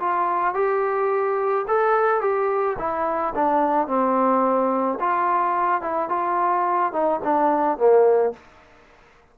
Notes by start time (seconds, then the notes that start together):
0.00 F4
0.54 G4
1.68 A4
2.21 G4
2.79 E4
3.35 D4
3.88 C4
5.00 F4
5.82 E4
6.09 F4
6.93 D#4
7.24 D4
7.78 A#3